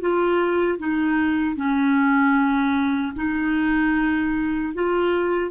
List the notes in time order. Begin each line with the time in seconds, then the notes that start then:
0.00 F4
0.78 D#4
1.55 C#4
3.15 D#4
4.73 F4